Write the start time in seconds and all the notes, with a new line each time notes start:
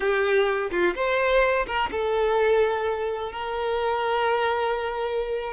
0.00 G4
0.70 F4
0.95 C5
1.66 A#4
1.91 A4
3.32 A#4